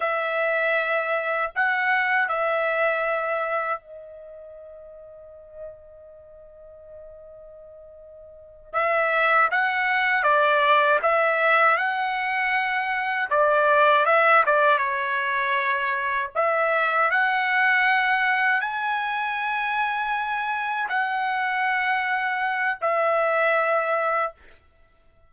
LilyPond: \new Staff \with { instrumentName = "trumpet" } { \time 4/4 \tempo 4 = 79 e''2 fis''4 e''4~ | e''4 dis''2.~ | dis''2.~ dis''8 e''8~ | e''8 fis''4 d''4 e''4 fis''8~ |
fis''4. d''4 e''8 d''8 cis''8~ | cis''4. e''4 fis''4.~ | fis''8 gis''2. fis''8~ | fis''2 e''2 | }